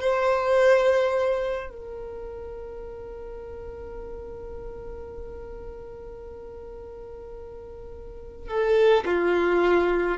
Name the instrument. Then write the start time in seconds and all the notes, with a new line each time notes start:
violin
0.00 C5
1.69 A#4
8.48 A4
9.05 F4